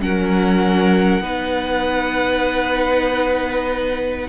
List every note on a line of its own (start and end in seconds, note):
0.00 1.21 F#3
0.00 1.22 C#4
0.00 1.22 A#4
0.00 4.28 F#5
1.21 4.27 B3
1.21 4.28 D#4
1.21 4.28 B4